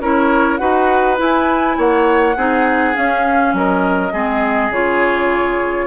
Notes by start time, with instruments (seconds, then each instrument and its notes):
0.00 bassoon C#4, clarinet E4, oboe A#4, flute C#5
0.58 bassoon D#4, clarinet F#4, oboe B4, flute F#5
1.17 clarinet E4, bassoon E4, flute G#5
1.78 bassoon A#3, oboe C#5, flute F#5
2.37 bassoon C4, clarinet D#4, oboe G#4
2.94 clarinet C#4, bassoon C#4, flute F5
3.54 bassoon F#3, oboe A#4, flute D#5
4.13 bassoon G#3, clarinet C4, oboe G#4
4.70 bassoon C#3, clarinet F4, flute C#5